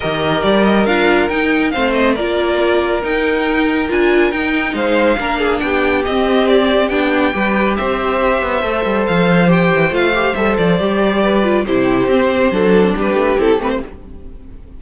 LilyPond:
<<
  \new Staff \with { instrumentName = "violin" } { \time 4/4 \tempo 4 = 139 dis''4 d''8 dis''8 f''4 g''4 | f''8 dis''8 d''2 g''4~ | g''4 gis''4 g''4 f''4~ | f''4 g''4 dis''4 d''4 |
g''2 e''2~ | e''4 f''4 g''4 f''4 | e''8 d''2~ d''8 c''4~ | c''2 b'4 a'8 b'16 c''16 | }
  \new Staff \with { instrumentName = "violin" } { \time 4/4 ais'1 | c''4 ais'2.~ | ais'2. c''4 | ais'8 gis'8 g'2.~ |
g'4 b'4 c''2~ | c''1~ | c''2 b'4 g'4~ | g'4 a'4 g'2 | }
  \new Staff \with { instrumentName = "viola" } { \time 4/4 g'2 f'4 dis'4 | c'4 f'2 dis'4~ | dis'4 f'4 dis'2 | d'2 c'2 |
d'4 g'2. | a'2 g'4 f'8 g'8 | a'4 g'4. f'8 e'4 | c'4 d'2 e'8 c'8 | }
  \new Staff \with { instrumentName = "cello" } { \time 4/4 dis4 g4 d'4 dis'4 | a4 ais2 dis'4~ | dis'4 d'4 dis'4 gis4 | ais4 b4 c'2 |
b4 g4 c'4. b8 | a8 g8 f4. e8 a4 | g8 f8 g2 c4 | c'4 fis4 g8 a8 c'8 a8 | }
>>